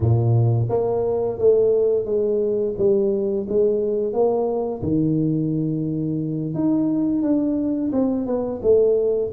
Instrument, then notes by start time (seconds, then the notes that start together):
tuba
0.00 A#2
0.69 A#3
1.38 A3
2.05 G#3
2.77 G3
3.48 G#3
4.13 A#3
4.82 D#3
6.54 D#4
7.22 D4
7.92 C4
8.26 B3
8.62 A3